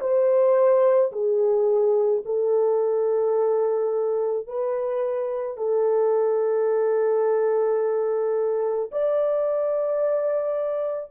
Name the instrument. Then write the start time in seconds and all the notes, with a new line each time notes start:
horn
0.00 C5
1.12 G#4
2.25 A4
4.46 B4
5.57 A4
8.91 D5